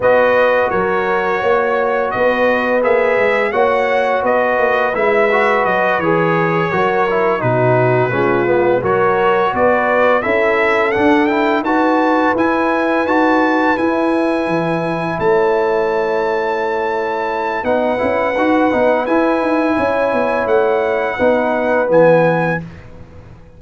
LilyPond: <<
  \new Staff \with { instrumentName = "trumpet" } { \time 4/4 \tempo 4 = 85 dis''4 cis''2 dis''4 | e''4 fis''4 dis''4 e''4 | dis''8 cis''2 b'4.~ | b'8 cis''4 d''4 e''4 fis''8 |
g''8 a''4 gis''4 a''4 gis''8~ | gis''4. a''2~ a''8~ | a''4 fis''2 gis''4~ | gis''4 fis''2 gis''4 | }
  \new Staff \with { instrumentName = "horn" } { \time 4/4 b'4 ais'4 cis''4 b'4~ | b'4 cis''4 b'2~ | b'4. ais'4 fis'4 f'8~ | f'8 ais'4 b'4 a'4.~ |
a'8 b'2.~ b'8~ | b'4. cis''2~ cis''8~ | cis''4 b'2. | cis''2 b'2 | }
  \new Staff \with { instrumentName = "trombone" } { \time 4/4 fis'1 | gis'4 fis'2 e'8 fis'8~ | fis'8 gis'4 fis'8 e'8 dis'4 cis'8 | b8 fis'2 e'4 d'8 |
e'8 fis'4 e'4 fis'4 e'8~ | e'1~ | e'4 dis'8 e'8 fis'8 dis'8 e'4~ | e'2 dis'4 b4 | }
  \new Staff \with { instrumentName = "tuba" } { \time 4/4 b4 fis4 ais4 b4 | ais8 gis8 ais4 b8 ais8 gis4 | fis8 e4 fis4 b,4 gis8~ | gis8 fis4 b4 cis'4 d'8~ |
d'8 dis'4 e'4 dis'4 e'8~ | e'8 e4 a2~ a8~ | a4 b8 cis'8 dis'8 b8 e'8 dis'8 | cis'8 b8 a4 b4 e4 | }
>>